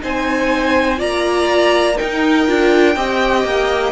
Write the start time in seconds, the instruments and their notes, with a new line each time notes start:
0.00 cello C4, viola D#4, violin C5 G#5
0.97 cello A#3, viola F4, violin D5 A#5
1.96 viola D#4, cello D#4, violin A#4 G5
2.47 cello D4, viola F4
2.96 cello C4, viola G4, violin D#5
3.45 cello A#3